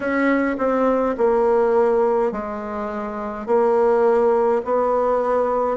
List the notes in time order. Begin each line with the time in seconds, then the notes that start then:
0.00 C#4
0.58 C4
1.17 A#3
2.31 G#3
3.46 A#3
4.65 B3